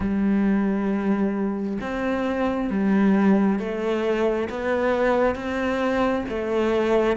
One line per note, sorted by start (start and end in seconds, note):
0.00 1.78 G3
1.80 2.69 C4
2.69 3.59 G3
3.59 4.48 A3
4.49 5.35 B3
5.35 6.24 C4
6.28 7.16 A3